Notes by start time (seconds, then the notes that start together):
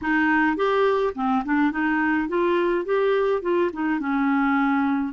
0.01 D#4
0.56 G4
1.15 C4
1.44 D4
1.71 D#4
2.28 F4
2.85 G4
3.42 F4
3.72 D#4
3.99 C#4